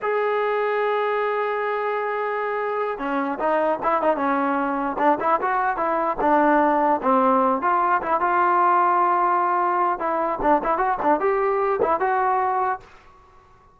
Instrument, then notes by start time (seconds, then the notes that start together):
trombone
0.02 G#4
2.98 C#4
3.39 D#4
3.83 E4
4.02 D#4
4.16 C#4
4.98 D4
5.20 E4
5.41 F#4
5.77 E4
6.20 D4
7.02 C4
7.61 F4
8.01 E4
8.20 F4
9.99 E4
10.41 D4
10.63 E4
10.77 F#4
11.02 D4
11.20 G4
11.81 E4
12.00 F#4